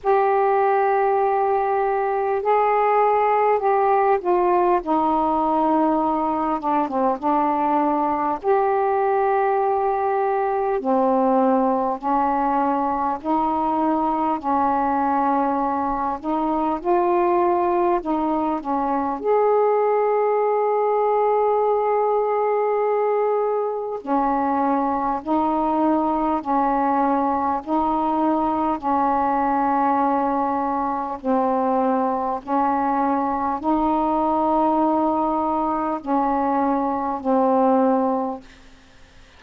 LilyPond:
\new Staff \with { instrumentName = "saxophone" } { \time 4/4 \tempo 4 = 50 g'2 gis'4 g'8 f'8 | dis'4. d'16 c'16 d'4 g'4~ | g'4 c'4 cis'4 dis'4 | cis'4. dis'8 f'4 dis'8 cis'8 |
gis'1 | cis'4 dis'4 cis'4 dis'4 | cis'2 c'4 cis'4 | dis'2 cis'4 c'4 | }